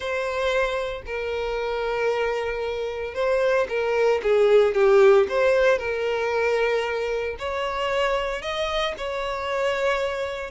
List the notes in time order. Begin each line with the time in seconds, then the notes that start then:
0.00 C5
1.06 A#4
3.14 C5
3.68 A#4
4.22 G#4
4.74 G4
5.28 C5
5.78 A#4
7.39 C#5
8.41 D#5
8.97 C#5